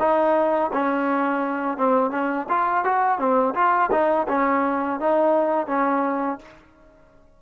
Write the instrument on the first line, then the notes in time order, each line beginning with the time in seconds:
trombone
0.00 D#4
0.73 C#4
1.78 C4
2.11 C#4
2.49 F4
2.85 F#4
3.19 C4
3.55 F4
3.92 D#4
4.29 C#4
5.00 D#4
5.68 C#4